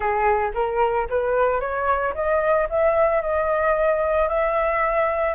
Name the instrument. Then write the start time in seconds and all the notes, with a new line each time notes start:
flute
0.00 G#4
0.54 A#4
1.09 B4
1.60 C#5
2.14 D#5
2.69 E5
3.21 D#5
4.28 E5